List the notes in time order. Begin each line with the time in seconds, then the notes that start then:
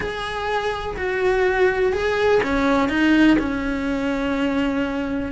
0.00 G#4
0.97 F#4
1.92 G#4
2.43 C#4
2.88 D#4
3.38 C#4